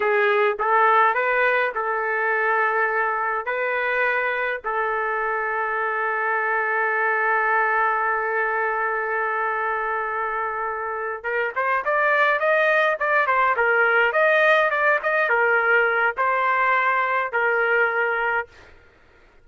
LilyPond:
\new Staff \with { instrumentName = "trumpet" } { \time 4/4 \tempo 4 = 104 gis'4 a'4 b'4 a'4~ | a'2 b'2 | a'1~ | a'1~ |
a'2.~ a'8 ais'8 | c''8 d''4 dis''4 d''8 c''8 ais'8~ | ais'8 dis''4 d''8 dis''8 ais'4. | c''2 ais'2 | }